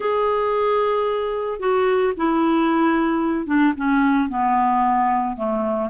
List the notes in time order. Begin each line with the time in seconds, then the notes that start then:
0.00 G#4
1.59 F#4
2.16 E4
3.46 D4
3.76 C#4
4.29 B3
5.36 A3